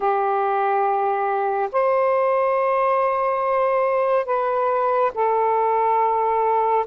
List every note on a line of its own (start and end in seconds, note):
0.00 1.69 G4
1.72 4.25 C5
4.25 5.11 B4
5.14 6.85 A4